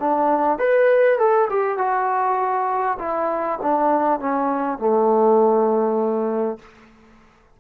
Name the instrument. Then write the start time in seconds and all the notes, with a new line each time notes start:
trombone
0.00 D4
0.59 B4
1.19 A4
1.50 G4
1.78 F#4
2.99 E4
3.62 D4
4.20 C#4
4.79 A3